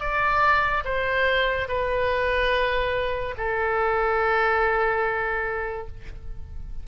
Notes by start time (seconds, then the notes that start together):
0.00 D5
0.84 C5
1.68 B4
3.37 A4